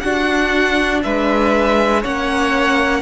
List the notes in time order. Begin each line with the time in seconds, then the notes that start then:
0.00 D4 F#4 F#5
1.03 G#3 B4 E5
2.01 A#3 C#4 C#5 F#5